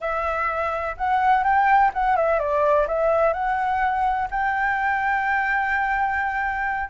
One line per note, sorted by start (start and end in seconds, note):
0.00 0.95 E5
0.97 1.43 F#5
1.43 1.91 G5
1.93 2.16 F#5
2.16 2.39 E5
2.39 2.87 D5
2.87 3.33 E5
3.33 4.28 F#5
4.31 6.89 G5